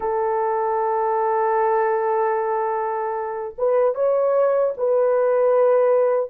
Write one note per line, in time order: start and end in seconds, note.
0.00 3.54 A4
3.58 3.94 B4
3.94 4.73 C#5
4.77 6.30 B4